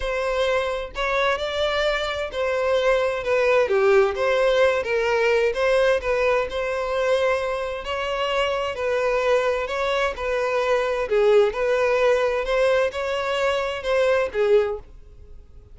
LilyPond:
\new Staff \with { instrumentName = "violin" } { \time 4/4 \tempo 4 = 130 c''2 cis''4 d''4~ | d''4 c''2 b'4 | g'4 c''4. ais'4. | c''4 b'4 c''2~ |
c''4 cis''2 b'4~ | b'4 cis''4 b'2 | gis'4 b'2 c''4 | cis''2 c''4 gis'4 | }